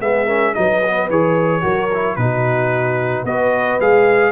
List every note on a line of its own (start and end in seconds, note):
0.00 0.54 G#3
0.00 0.27 B3
0.00 0.25 G#4
0.00 0.54 E5
0.25 0.54 C#4
0.25 0.52 A#4
0.54 1.09 F#3
0.54 0.81 D#4
0.54 1.62 B4
0.54 1.08 D#5
0.85 1.10 B3
1.09 1.63 E3
1.09 1.61 G#4
1.09 2.16 C#5
1.61 2.17 F#3
1.61 1.88 F#4
1.61 2.16 A#4
1.94 2.18 E4
2.16 3.24 B2
2.16 3.26 D#4
2.16 3.26 F#4
2.16 3.24 B4
3.24 3.78 B3
3.24 3.80 F#4
3.24 4.32 B4
3.24 3.80 D#5
3.80 4.32 G#3
3.80 4.32 G#4
3.80 4.32 F5